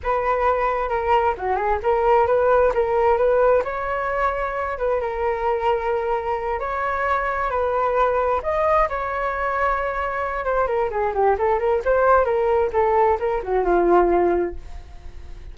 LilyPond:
\new Staff \with { instrumentName = "flute" } { \time 4/4 \tempo 4 = 132 b'2 ais'4 fis'8 gis'8 | ais'4 b'4 ais'4 b'4 | cis''2~ cis''8 b'8 ais'4~ | ais'2~ ais'8 cis''4.~ |
cis''8 b'2 dis''4 cis''8~ | cis''2. c''8 ais'8 | gis'8 g'8 a'8 ais'8 c''4 ais'4 | a'4 ais'8 fis'8 f'2 | }